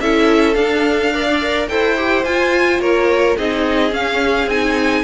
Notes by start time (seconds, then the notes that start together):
0.00 C#4 E4 A4 E5
0.54 D4 F5
1.12 A#4 D5
1.28 D4
1.41 A#4
1.68 E4 A4 C5 G5
1.97 G4
2.24 F4 G#5
2.79 A#3 A#4 C#5
3.37 C4 D#4 G#4 D#5
3.90 C#4 F5
4.46 C4 D#4 G#5